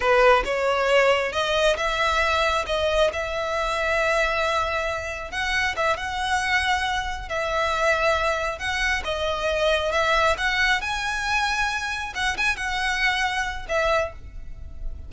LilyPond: \new Staff \with { instrumentName = "violin" } { \time 4/4 \tempo 4 = 136 b'4 cis''2 dis''4 | e''2 dis''4 e''4~ | e''1 | fis''4 e''8 fis''2~ fis''8~ |
fis''8 e''2. fis''8~ | fis''8 dis''2 e''4 fis''8~ | fis''8 gis''2. fis''8 | gis''8 fis''2~ fis''8 e''4 | }